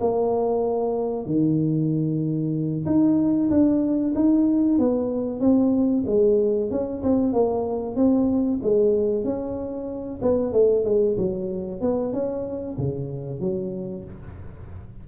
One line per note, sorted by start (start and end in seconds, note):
0.00 1.26 A#3
1.26 2.85 D#3
2.85 3.49 D#4
3.50 4.14 D4
4.15 4.78 D#4
4.78 5.40 B3
5.40 6.04 C4
6.06 6.70 G#3
6.71 7.02 C#4
7.03 7.33 C4
7.33 7.96 A#3
7.96 8.59 C4
8.63 9.24 G#3
9.24 10.20 C#4
10.22 10.52 B3
10.52 10.84 A3
10.85 11.16 G#3
11.17 11.81 F#3
11.81 12.13 B3
12.13 12.77 C#4
12.78 13.40 C#3
13.40 14.04 F#3